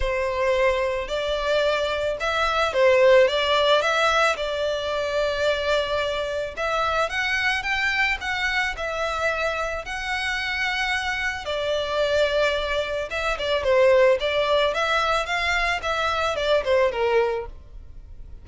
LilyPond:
\new Staff \with { instrumentName = "violin" } { \time 4/4 \tempo 4 = 110 c''2 d''2 | e''4 c''4 d''4 e''4 | d''1 | e''4 fis''4 g''4 fis''4 |
e''2 fis''2~ | fis''4 d''2. | e''8 d''8 c''4 d''4 e''4 | f''4 e''4 d''8 c''8 ais'4 | }